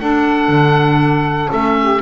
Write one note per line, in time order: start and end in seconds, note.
0.00 1.49 D4
0.00 0.48 D4
0.00 1.77 A4
0.00 1.51 F#5
0.48 1.49 D3
1.49 2.02 A3
1.49 1.99 C#4
1.49 2.02 E5
1.81 2.02 G4